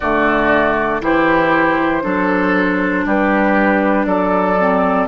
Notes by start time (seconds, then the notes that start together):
0.00 D3 A3 F#4 D5
1.01 E3 E4 G4 C5
2.01 F#3 D4 A4
3.05 G3 G4 B4
4.05 F#3 A4 D5
4.58 C4